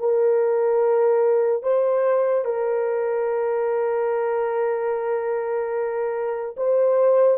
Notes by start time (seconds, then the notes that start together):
0.00 A#4
1.63 C5
2.45 A#4
6.57 C5